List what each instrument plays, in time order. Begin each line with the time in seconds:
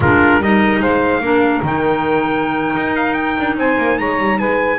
0.00 double bass G#3, clarinet D4, saxophone F4, trumpet A#4
0.39 double bass G3, clarinet D#4, saxophone A#4, trumpet D#5
0.79 double bass G#3, saxophone C5, trumpet F5
1.20 double bass A#3, clarinet D4, saxophone A#4
1.62 double bass D#3, clarinet D#4, trumpet G5
2.75 double bass D#4
2.95 trumpet F5
3.13 trumpet G5
3.39 double bass D4
3.56 double bass C4, saxophone C5, trumpet G#5
3.77 double bass A#3
3.98 double bass G#3, saxophone C#5, trumpet A#5
4.19 double bass G3
4.37 double bass G#3, saxophone B4, trumpet G#5